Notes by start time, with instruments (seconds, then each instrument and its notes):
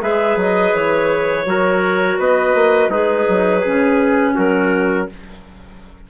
0.00 bassoon G#3, clarinet G#4 E5, trumpet B4
0.35 bassoon F#3, clarinet D#5
0.74 bassoon E3, clarinet C#5
1.45 bassoon F#3, clarinet F#4, trumpet A#4
2.18 bassoon B3, trumpet B4, clarinet D#5
2.54 bassoon A#3
2.88 bassoon G#3, trumpet D#4, clarinet G#4 B4
3.28 bassoon F#3
3.59 clarinet C#4, trumpet G#4
3.66 bassoon C#3
4.34 bassoon F#3, trumpet F#4, clarinet A#4